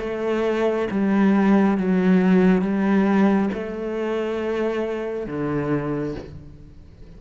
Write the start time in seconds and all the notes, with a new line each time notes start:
0.00 A3
0.91 G3
1.78 F#3
2.61 G3
3.54 A3
5.27 D3